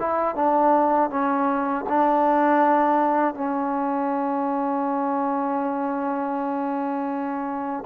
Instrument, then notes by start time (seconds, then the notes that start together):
trombone
0.00 E4
0.35 D4
1.10 C#4
1.89 D4
3.35 C#4